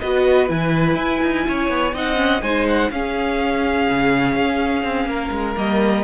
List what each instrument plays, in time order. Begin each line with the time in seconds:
0.00 cello B3, viola F#4, violin B4 D#5
0.49 cello E3, viola E4, violin G#5
0.95 cello E4
1.23 cello D#4
1.48 cello C#4, violin C#5
1.70 cello B3
1.94 cello C4, viola D#4, violin D#5 F#5
2.16 viola C#4
2.42 cello G#3, viola D#4, violin C5 G#5
2.68 violin F#5
2.91 cello C#4, viola C#4, violin G#4 F5
3.90 cello C#3
4.36 cello C#4
4.84 cello C4
5.06 cello A#3, violin A#4
5.31 cello G#3
5.56 cello G3, viola A#3, violin D#5